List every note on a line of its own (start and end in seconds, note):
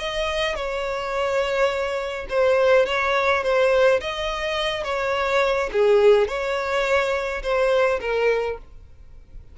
0.00 0.56 D#5
0.56 2.27 C#5
2.30 2.86 C5
2.86 3.43 C#5
3.44 4.01 C5
4.01 4.84 D#5
4.84 5.70 C#5
5.72 6.28 G#4
6.28 7.43 C#5
7.43 8.00 C5
8.01 8.58 A#4